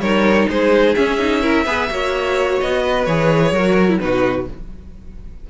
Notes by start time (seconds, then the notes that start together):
0.00 G3 D#4 A#4 C#5
0.49 G#3 G#4 C5
0.95 C#4 E5
1.19 D#4
1.42 E4 A#4
1.66 B3 G#4 B4
1.90 A#3 F#4 C#5
2.61 B3 D#5
2.81 B4
3.05 E3 G#4 C#5
3.52 F#3 F#4 A#4
3.89 E4
4.00 B2 D#4 F#4 B4